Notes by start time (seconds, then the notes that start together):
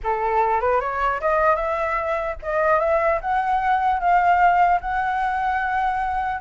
0.03 A4
0.61 B4
0.80 C#5
1.20 D#5
1.55 E5
2.42 D#5
2.79 E5
3.21 F#5
4.00 F5
4.80 F#5